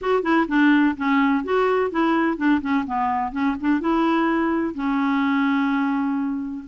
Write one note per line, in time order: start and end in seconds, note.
0.01 0.22 F#4
0.22 0.46 E4
0.48 0.95 D4
0.97 1.44 C#4
1.44 1.90 F#4
1.90 2.37 E4
2.37 2.61 D4
2.61 2.84 C#4
2.86 3.32 B3
3.32 3.56 C#4
3.60 3.80 D4
3.80 4.74 E4
4.74 6.64 C#4